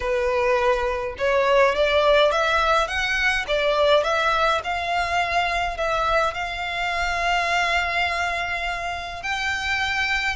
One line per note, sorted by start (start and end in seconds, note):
0.00 1.15 B4
1.17 1.75 C#5
1.75 2.31 D5
2.31 2.87 E5
2.87 3.45 F#5
3.47 4.03 D5
4.03 4.61 E5
4.63 5.77 F5
5.77 6.34 E5
6.34 9.22 F5
9.22 10.36 G5